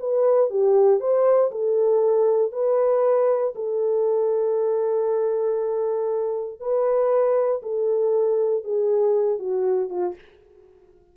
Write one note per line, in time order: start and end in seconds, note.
0.00 0.50 B4
0.50 1.00 G4
1.00 1.51 C5
1.52 2.52 A4
2.52 3.54 B4
3.56 6.61 A4
6.61 7.62 B4
7.63 8.65 A4
8.65 9.39 G#4
9.39 9.90 F#4
9.90 10.16 F4